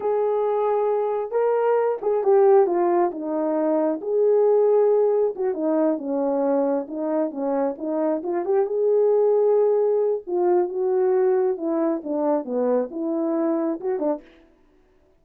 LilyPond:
\new Staff \with { instrumentName = "horn" } { \time 4/4 \tempo 4 = 135 gis'2. ais'4~ | ais'8 gis'8 g'4 f'4 dis'4~ | dis'4 gis'2. | fis'8 dis'4 cis'2 dis'8~ |
dis'8 cis'4 dis'4 f'8 g'8 gis'8~ | gis'2. f'4 | fis'2 e'4 d'4 | b4 e'2 fis'8 d'8 | }